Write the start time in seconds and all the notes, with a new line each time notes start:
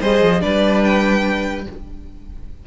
0.00 G3 G#4 C5 D#5
0.22 F3
0.41 G3 D4 B4 D5
0.85 G5